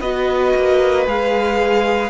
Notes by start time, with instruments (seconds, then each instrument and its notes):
0.00 cello B3, viola F#4, violin B4 D#5
0.56 cello A#3
1.07 cello G#3, viola G#4, violin F5